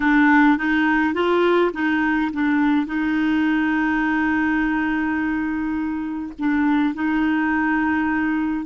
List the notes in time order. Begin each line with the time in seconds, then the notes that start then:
0.00 D4
0.57 D#4
1.14 F4
1.73 D#4
2.32 D4
2.86 D#4
6.39 D4
6.94 D#4